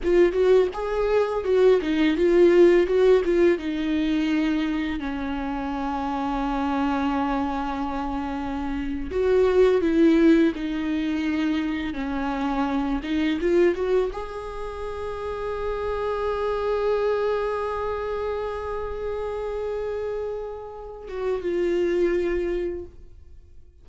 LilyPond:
\new Staff \with { instrumentName = "viola" } { \time 4/4 \tempo 4 = 84 f'8 fis'8 gis'4 fis'8 dis'8 f'4 | fis'8 f'8 dis'2 cis'4~ | cis'1~ | cis'8. fis'4 e'4 dis'4~ dis'16~ |
dis'8. cis'4. dis'8 f'8 fis'8 gis'16~ | gis'1~ | gis'1~ | gis'4. fis'8 f'2 | }